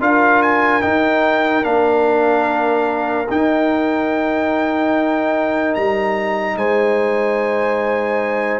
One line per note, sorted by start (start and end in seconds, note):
0.00 0.82 D4
0.00 0.82 F4
0.00 6.57 A#4
0.00 0.42 F5
0.42 0.82 G#5
0.82 1.63 D#4
0.82 1.64 D#4
0.82 1.63 G5
1.63 3.28 A#3
1.63 3.27 D4
1.63 3.28 F5
3.29 8.60 D#4
3.29 5.76 D#4
3.29 5.74 G5
5.74 6.55 G3
5.74 6.57 A#5
6.55 8.60 G#3
6.55 8.60 C5
6.55 8.60 G#5